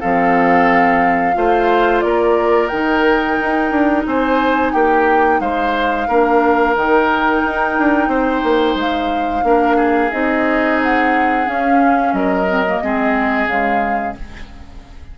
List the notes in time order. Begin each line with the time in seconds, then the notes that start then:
0.00 F3 C4 A4 F5
1.34 A3 F4 C5
2.01 A#3 A#4 D5
2.68 D#3 D#4 G5
3.40 D#4
3.71 D4
4.06 C4 C5 G#5
4.72 A#3 G4 G5
5.40 G#3 C5 F5
6.08 A#3 D4 A#4
6.75 D#3 D#4 G5
7.45 D#4
7.79 D4
8.08 C4 C5
8.43 A#3
8.75 G#3 F5
9.43 A#3 D4 A#4
9.76 G#4
10.12 C4 D#4 D#5
10.81 F#5
11.45 C#4 F5
12.13 F#3 A#4 D#5
12.47 C4
12.67 A#3
12.83 G#3 C4 G#4
13.47 C#3 G#3 F5